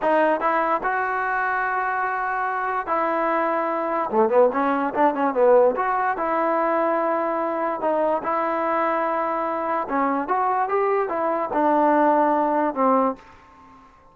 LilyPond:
\new Staff \with { instrumentName = "trombone" } { \time 4/4 \tempo 4 = 146 dis'4 e'4 fis'2~ | fis'2. e'4~ | e'2 a8 b8 cis'4 | d'8 cis'8 b4 fis'4 e'4~ |
e'2. dis'4 | e'1 | cis'4 fis'4 g'4 e'4 | d'2. c'4 | }